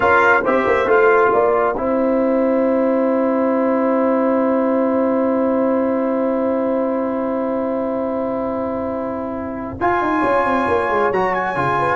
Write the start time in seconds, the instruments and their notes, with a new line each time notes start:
0.00 tuba C#4, trombone F4, horn A#4, trumpet F5
0.41 tuba C4, trombone G4, horn C5, trumpet E5
0.66 tuba A#3
0.86 tuba A3, trombone F4, trumpet F5
1.32 tuba A#3, horn D5, trumpet G5
1.77 tuba C4, trombone E4, horn C5
9.80 tuba F4, trombone F4, trumpet G#5
10.01 tuba D#4
10.18 tuba C#4, horn C#5
10.44 tuba C4
10.67 tuba A#3
10.89 tuba G#3
11.11 tuba F#3, trombone F#4, trumpet A#5
11.34 trumpet G#5
11.55 tuba C#3, trombone F4
11.78 horn B4